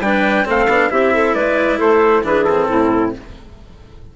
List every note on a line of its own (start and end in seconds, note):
0.00 0.44 G3
0.00 0.45 D4
0.00 0.47 B4
0.00 0.46 G5
0.45 0.68 A3
0.45 0.67 C4
0.45 0.91 A4
0.45 0.90 F5
0.68 0.90 B3
0.68 0.89 D4
0.89 1.35 C4
0.89 2.23 E4
0.89 1.13 G4
0.89 1.34 E5
1.13 1.36 A4
1.34 1.80 G#3
1.34 1.78 B4
1.34 1.79 D5
1.78 2.23 A3
1.78 2.23 A4
1.78 2.25 C5
2.23 2.67 E3
2.23 2.45 D4
2.23 2.68 G#4
2.23 2.44 B4
2.44 3.16 C4
2.44 3.11 A4
2.68 3.15 A2
2.68 3.12 E4